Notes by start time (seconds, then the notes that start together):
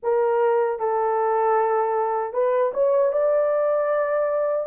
0.02 A#4
0.79 A4
2.33 B4
2.73 C#5
3.12 D5